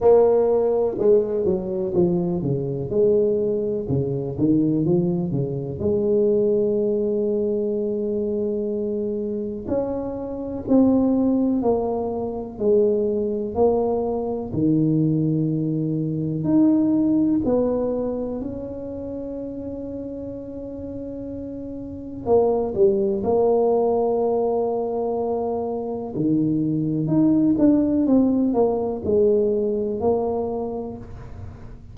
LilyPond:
\new Staff \with { instrumentName = "tuba" } { \time 4/4 \tempo 4 = 62 ais4 gis8 fis8 f8 cis8 gis4 | cis8 dis8 f8 cis8 gis2~ | gis2 cis'4 c'4 | ais4 gis4 ais4 dis4~ |
dis4 dis'4 b4 cis'4~ | cis'2. ais8 g8 | ais2. dis4 | dis'8 d'8 c'8 ais8 gis4 ais4 | }